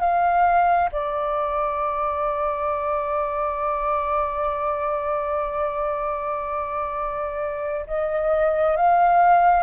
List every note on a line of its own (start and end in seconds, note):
0.00 0.90 F5
0.92 7.86 D5
7.87 8.76 D#5
8.76 9.63 F5